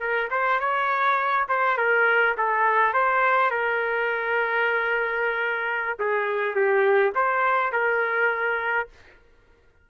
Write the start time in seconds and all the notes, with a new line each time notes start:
0.00 A#4
0.31 C5
0.60 C#5
1.49 C5
1.78 A#4
2.38 A4
2.94 C5
3.51 A#4
6.00 G#4
6.56 G4
7.15 C5
7.73 A#4